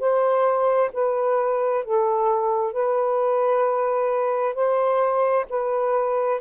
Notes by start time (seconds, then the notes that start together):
0.00 C5
0.94 B4
1.85 A4
2.73 B4
4.55 C5
5.50 B4